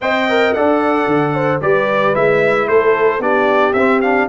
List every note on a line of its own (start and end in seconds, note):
0.01 0.54 C4
0.01 0.28 C5
0.01 0.54 D#5
0.01 0.53 G5
0.29 0.55 A#4
0.53 1.06 D4
0.53 1.60 A4
0.53 1.33 D5
0.53 1.60 F#5
1.06 1.60 D3
1.33 1.60 C5
1.60 2.14 G3
1.60 2.14 G4
1.60 2.68 B4
1.60 2.15 D5
2.14 2.68 G#3
2.14 3.20 E4
2.14 2.68 E5
2.68 3.19 A3
2.68 3.21 A4
2.68 3.21 C5
3.19 3.73 B3
3.19 3.73 D4
3.19 4.28 G4
3.19 3.73 D5
3.73 4.27 C4
3.73 4.03 C4
3.73 3.99 E5
4.01 4.29 D4
4.01 4.28 F5